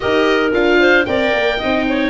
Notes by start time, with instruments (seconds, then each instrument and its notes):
0.00 tuba D#4, viola G4, clarinet A#4, oboe D#5
0.52 tuba D4, viola F4, oboe F5
0.79 clarinet C5
1.05 tuba C4, viola A#4, clarinet D5, oboe G5
1.33 tuba A#3
1.58 tuba C4, viola D#4, clarinet D#5
1.88 clarinet C#5